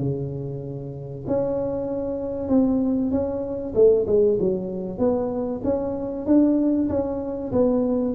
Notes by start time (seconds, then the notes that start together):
0.00 C#3
1.28 C#4
2.49 C4
3.11 C#4
3.75 A3
4.07 G#3
4.40 F#3
4.99 B3
5.64 C#4
6.26 D4
6.89 C#4
7.52 B3